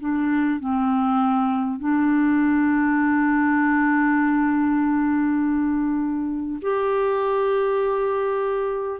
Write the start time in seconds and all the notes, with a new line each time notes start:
0.00 D4
0.59 C4
1.79 D4
6.62 G4